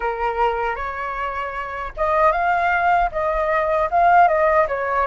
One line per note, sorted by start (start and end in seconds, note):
0.00 0.75 A#4
0.75 1.92 C#5
1.97 2.32 D#5
2.32 3.10 F5
3.11 3.89 D#5
3.90 4.28 F5
4.28 4.66 D#5
4.68 5.06 C#5